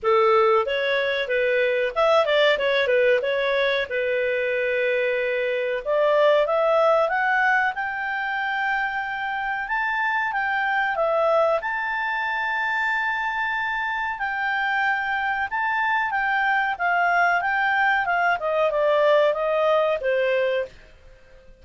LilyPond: \new Staff \with { instrumentName = "clarinet" } { \time 4/4 \tempo 4 = 93 a'4 cis''4 b'4 e''8 d''8 | cis''8 b'8 cis''4 b'2~ | b'4 d''4 e''4 fis''4 | g''2. a''4 |
g''4 e''4 a''2~ | a''2 g''2 | a''4 g''4 f''4 g''4 | f''8 dis''8 d''4 dis''4 c''4 | }